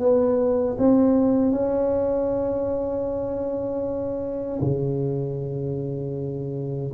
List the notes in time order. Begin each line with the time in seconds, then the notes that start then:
0.00 B3
0.78 C4
1.52 C#4
4.62 C#3